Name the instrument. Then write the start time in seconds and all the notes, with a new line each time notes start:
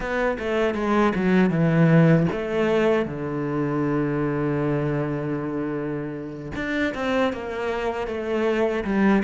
cello
0.00 B3
0.38 A3
0.74 G#3
1.15 F#3
1.50 E3
2.31 A3
3.05 D3
6.55 D4
6.94 C4
7.33 A#3
8.07 A3
8.84 G3